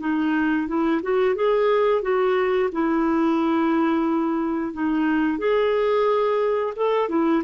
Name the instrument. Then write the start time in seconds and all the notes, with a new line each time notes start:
clarinet
0.00 D#4
0.67 E4
1.02 F#4
1.35 G#4
2.02 F#4
2.72 E4
4.73 D#4
5.38 G#4
6.76 A4
7.09 E4